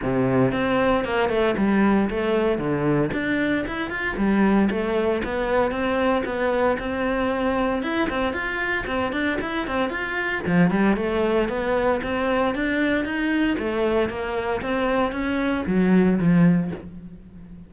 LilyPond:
\new Staff \with { instrumentName = "cello" } { \time 4/4 \tempo 4 = 115 c4 c'4 ais8 a8 g4 | a4 d4 d'4 e'8 f'8 | g4 a4 b4 c'4 | b4 c'2 e'8 c'8 |
f'4 c'8 d'8 e'8 c'8 f'4 | f8 g8 a4 b4 c'4 | d'4 dis'4 a4 ais4 | c'4 cis'4 fis4 f4 | }